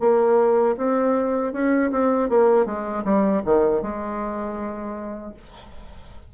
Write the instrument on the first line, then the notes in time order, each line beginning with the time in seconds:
bassoon
0.00 A#3
0.77 C4
1.53 C#4
1.91 C4
2.29 A#3
2.65 G#3
3.04 G3
3.45 D#3
3.82 G#3